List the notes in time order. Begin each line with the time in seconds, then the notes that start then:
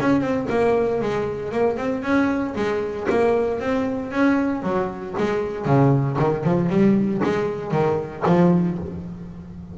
0.00 C#4
0.20 C4
0.49 A#3
1.01 G#3
1.52 A#3
1.77 C4
2.02 C#4
2.55 G#3
3.09 A#3
3.59 C4
4.11 C#4
4.62 F#3
5.18 G#3
5.65 C#3
6.18 D#3
6.43 F3
6.69 G3
7.23 G#3
7.71 D#3
8.26 F3